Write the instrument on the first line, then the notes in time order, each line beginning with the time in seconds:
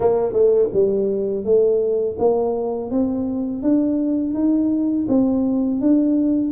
tuba
0.00 A#3
0.32 A3
0.73 G3
1.44 A3
2.18 A#3
2.90 C4
3.62 D4
4.34 D#4
5.08 C4
5.80 D4